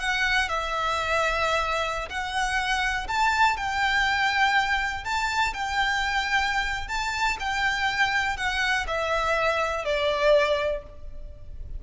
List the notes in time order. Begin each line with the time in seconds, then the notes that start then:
0.00 F#5
0.49 E5
2.09 F#5
3.08 A5
3.57 G5
5.05 A5
5.54 G5
6.89 A5
7.40 G5
8.37 F#5
8.88 E5
9.85 D5